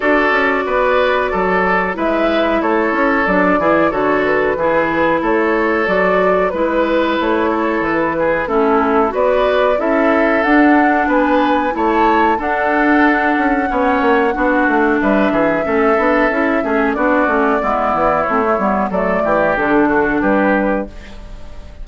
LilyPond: <<
  \new Staff \with { instrumentName = "flute" } { \time 4/4 \tempo 4 = 92 d''2. e''4 | cis''4 d''4 cis''8 b'4. | cis''4 d''4 b'4 cis''4 | b'4 a'4 d''4 e''4 |
fis''4 gis''4 a''4 fis''4~ | fis''2. e''4~ | e''2 d''2 | cis''4 d''4 a'4 b'4 | }
  \new Staff \with { instrumentName = "oboe" } { \time 4/4 a'4 b'4 a'4 b'4 | a'4. gis'8 a'4 gis'4 | a'2 b'4. a'8~ | a'8 gis'8 e'4 b'4 a'4~ |
a'4 b'4 cis''4 a'4~ | a'4 cis''4 fis'4 b'8 gis'8 | a'4. gis'8 fis'4 e'4~ | e'4 a'8 g'4 fis'8 g'4 | }
  \new Staff \with { instrumentName = "clarinet" } { \time 4/4 fis'2. e'4~ | e'4 d'8 e'8 fis'4 e'4~ | e'4 fis'4 e'2~ | e'4 cis'4 fis'4 e'4 |
d'2 e'4 d'4~ | d'4 cis'4 d'2 | cis'8 d'8 e'8 cis'8 d'8 cis'8 b4 | c'16 a16 b8 a4 d'2 | }
  \new Staff \with { instrumentName = "bassoon" } { \time 4/4 d'8 cis'8 b4 fis4 gis4 | a8 cis'8 fis8 e8 d4 e4 | a4 fis4 gis4 a4 | e4 a4 b4 cis'4 |
d'4 b4 a4 d'4~ | d'8 cis'8 b8 ais8 b8 a8 g8 e8 | a8 b8 cis'8 a8 b8 a8 gis8 e8 | a8 g8 fis8 e8 d4 g4 | }
>>